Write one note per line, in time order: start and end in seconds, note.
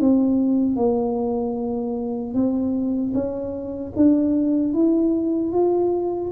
0.00 0.76 C4
0.76 2.34 A#3
2.34 3.13 C4
3.14 3.93 C#4
3.96 4.74 D4
4.74 5.52 E4
5.52 6.31 F4